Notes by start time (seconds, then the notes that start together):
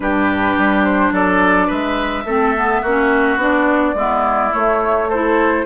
0.00 G2 D4 G4 B4
0.57 G3
0.83 C5
1.12 F#3 A4 D5
1.66 G#3 B4 E5
2.24 A3 C4 A4
2.56 B3
2.81 A#3 C#4 F#4
3.36 B3 D4 D5
3.94 G#3 B3 E4
4.51 A3 C#5
5.09 E4 A4 C5